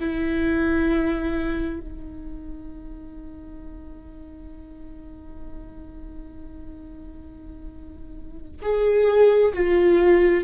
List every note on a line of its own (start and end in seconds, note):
0.00 1.80 E4
1.80 8.62 D#4
8.62 9.53 G#4
9.54 10.44 F4